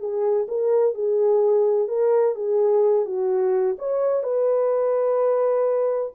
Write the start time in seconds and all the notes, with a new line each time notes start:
0.00 G#4
0.49 A#4
0.95 G#4
1.89 A#4
2.36 G#4
3.06 F#4
3.79 C#5
4.23 B4